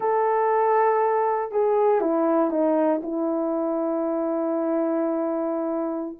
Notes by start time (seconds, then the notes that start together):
0.00 A4
1.51 G#4
2.00 E4
2.50 D#4
3.02 E4